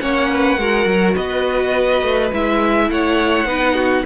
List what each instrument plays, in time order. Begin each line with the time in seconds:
0.00 cello A#3, viola C#4, violin C#5 F#5
0.31 violin B4
0.58 cello G#3, viola F#4, violin A#4
0.86 cello F#3
1.15 cello B3, violin B4 D#5
2.03 cello A3
2.33 cello G#3, viola E4, violin E5
2.91 cello A3, violin C#5 F#5
3.46 cello B3, viola D#4, violin B4
3.75 violin F#4